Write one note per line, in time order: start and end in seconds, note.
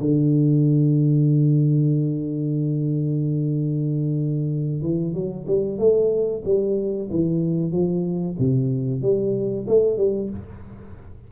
0.00 4.82 D3
4.82 5.14 E3
5.14 5.46 F#3
5.47 5.78 G3
5.78 6.43 A3
6.45 7.09 G3
7.10 7.71 E3
7.71 8.36 F3
8.39 9.01 C3
9.01 9.66 G3
9.67 9.97 A3
9.97 10.29 G3